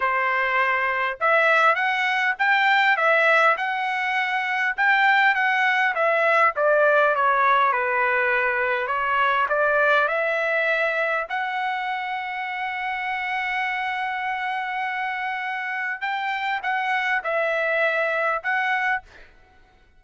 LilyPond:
\new Staff \with { instrumentName = "trumpet" } { \time 4/4 \tempo 4 = 101 c''2 e''4 fis''4 | g''4 e''4 fis''2 | g''4 fis''4 e''4 d''4 | cis''4 b'2 cis''4 |
d''4 e''2 fis''4~ | fis''1~ | fis''2. g''4 | fis''4 e''2 fis''4 | }